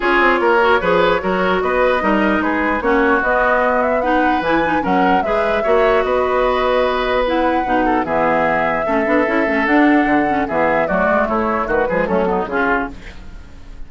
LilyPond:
<<
  \new Staff \with { instrumentName = "flute" } { \time 4/4 \tempo 4 = 149 cis''1 | dis''2 b'4 cis''4 | dis''4. e''8 fis''4 gis''4 | fis''4 e''2 dis''4~ |
dis''2 fis''2 | e''1 | fis''2 e''4 d''4 | cis''4 b'4 a'4 gis'4 | }
  \new Staff \with { instrumentName = "oboe" } { \time 4/4 gis'4 ais'4 b'4 ais'4 | b'4 ais'4 gis'4 fis'4~ | fis'2 b'2 | ais'4 b'4 cis''4 b'4~ |
b'2.~ b'8 a'8 | gis'2 a'2~ | a'2 gis'4 fis'4 | e'4 fis'8 gis'8 cis'8 dis'8 f'4 | }
  \new Staff \with { instrumentName = "clarinet" } { \time 4/4 f'4. fis'8 gis'4 fis'4~ | fis'4 dis'2 cis'4 | b2 dis'4 e'8 dis'8 | cis'4 gis'4 fis'2~ |
fis'2 e'4 dis'4 | b2 cis'8 d'8 e'8 cis'8 | d'4. cis'8 b4 a4~ | a4. gis8 a8 b8 cis'4 | }
  \new Staff \with { instrumentName = "bassoon" } { \time 4/4 cis'8 c'8 ais4 f4 fis4 | b4 g4 gis4 ais4 | b2. e4 | fis4 gis4 ais4 b4~ |
b2. b,4 | e2 a8 b8 cis'8 a8 | d'4 d4 e4 fis8 gis8 | a4 dis8 f8 fis4 cis4 | }
>>